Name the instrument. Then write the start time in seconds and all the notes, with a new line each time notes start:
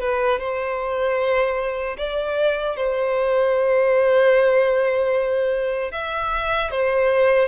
violin
0.00 B4
0.39 C5
1.97 D5
2.76 C5
5.92 E5
6.71 C5